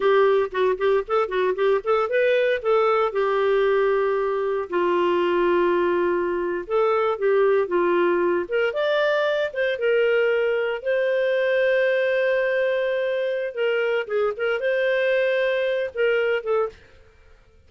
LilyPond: \new Staff \with { instrumentName = "clarinet" } { \time 4/4 \tempo 4 = 115 g'4 fis'8 g'8 a'8 fis'8 g'8 a'8 | b'4 a'4 g'2~ | g'4 f'2.~ | f'8. a'4 g'4 f'4~ f'16~ |
f'16 ais'8 d''4. c''8 ais'4~ ais'16~ | ais'8. c''2.~ c''16~ | c''2 ais'4 gis'8 ais'8 | c''2~ c''8 ais'4 a'8 | }